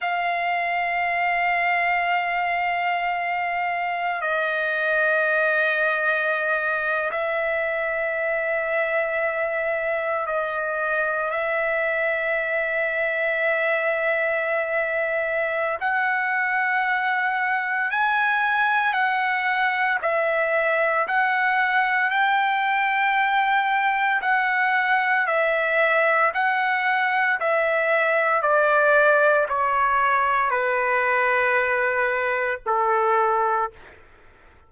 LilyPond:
\new Staff \with { instrumentName = "trumpet" } { \time 4/4 \tempo 4 = 57 f''1 | dis''2~ dis''8. e''4~ e''16~ | e''4.~ e''16 dis''4 e''4~ e''16~ | e''2. fis''4~ |
fis''4 gis''4 fis''4 e''4 | fis''4 g''2 fis''4 | e''4 fis''4 e''4 d''4 | cis''4 b'2 a'4 | }